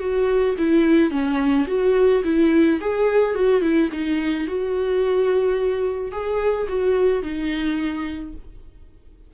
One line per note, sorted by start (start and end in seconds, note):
0.00 0.56 F#4
0.58 1.11 E4
1.11 1.67 C#4
1.68 2.23 F#4
2.24 2.80 E4
2.81 3.35 G#4
3.35 3.62 F#4
3.62 3.90 E4
3.93 4.48 D#4
4.48 6.12 F#4
6.12 6.68 G#4
6.69 7.23 F#4
7.23 8.34 D#4